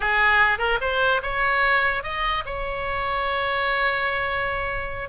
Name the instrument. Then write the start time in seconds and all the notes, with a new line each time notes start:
oboe
0.00 G#4
0.58 A#4
0.81 C5
1.22 C#5
2.03 D#5
2.45 C#5